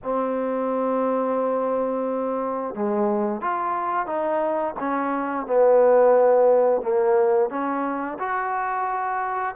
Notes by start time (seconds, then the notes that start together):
0.03 C4
2.74 G#3
3.41 F4
4.06 D#4
4.79 C#4
5.46 B3
6.82 A#3
7.49 C#4
8.18 F#4